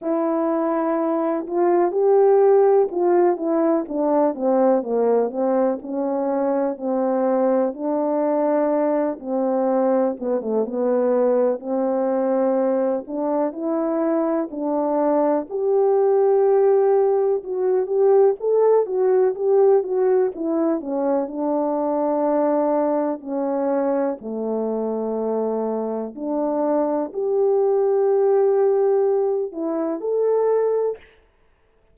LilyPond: \new Staff \with { instrumentName = "horn" } { \time 4/4 \tempo 4 = 62 e'4. f'8 g'4 f'8 e'8 | d'8 c'8 ais8 c'8 cis'4 c'4 | d'4. c'4 b16 a16 b4 | c'4. d'8 e'4 d'4 |
g'2 fis'8 g'8 a'8 fis'8 | g'8 fis'8 e'8 cis'8 d'2 | cis'4 a2 d'4 | g'2~ g'8 e'8 a'4 | }